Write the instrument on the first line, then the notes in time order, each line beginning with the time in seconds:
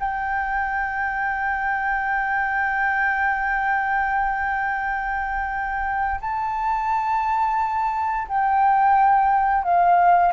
flute
0.00 G5
6.21 A5
8.28 G5
9.64 F5